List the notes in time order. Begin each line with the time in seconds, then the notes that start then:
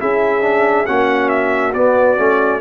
0.00 C#4 E4 G#4 E5
0.42 D4
0.86 A#3 C#4 F#4 F#5
1.29 E5
1.73 B3 D5
2.17 A3 C#4